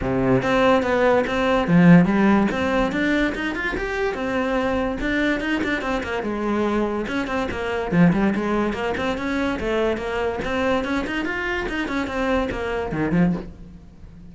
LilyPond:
\new Staff \with { instrumentName = "cello" } { \time 4/4 \tempo 4 = 144 c4 c'4 b4 c'4 | f4 g4 c'4 d'4 | dis'8 f'8 g'4 c'2 | d'4 dis'8 d'8 c'8 ais8 gis4~ |
gis4 cis'8 c'8 ais4 f8 g8 | gis4 ais8 c'8 cis'4 a4 | ais4 c'4 cis'8 dis'8 f'4 | dis'8 cis'8 c'4 ais4 dis8 f8 | }